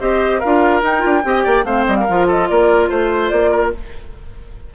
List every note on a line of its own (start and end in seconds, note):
0.00 0.42 C4
0.00 0.41 G4
0.00 0.39 C5
0.00 0.40 D#5
0.39 0.82 D4
0.39 0.82 F4
0.39 1.22 A#4
0.39 0.81 F5
0.82 1.03 D#4
0.82 1.00 D#4
0.82 1.65 G5
1.00 1.24 D4
1.00 1.21 F4
1.24 1.45 C4
1.24 1.65 G4
1.24 1.43 D#5
1.43 1.64 A#3
1.43 1.64 D5
1.64 1.85 A3
1.64 2.06 C4
1.64 1.97 C5
1.64 1.85 F5
1.86 2.08 G3
1.86 1.96 D#5
1.96 2.27 A#4
1.96 2.27 F5
2.09 2.50 F3
2.09 3.74 F4
2.27 2.48 A4
2.27 2.48 D#5
2.48 2.90 A#3
2.48 2.89 A#4
2.48 2.89 D5
2.89 3.31 A3
2.89 3.51 C5
2.89 3.28 C5
3.28 3.73 A#3
3.28 3.70 D5
3.51 3.71 A#4